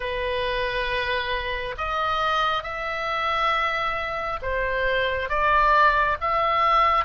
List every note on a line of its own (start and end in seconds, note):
0.00 1.75 B4
1.77 2.63 D#5
2.63 4.39 E5
4.42 5.29 C5
5.29 6.17 D5
6.20 7.04 E5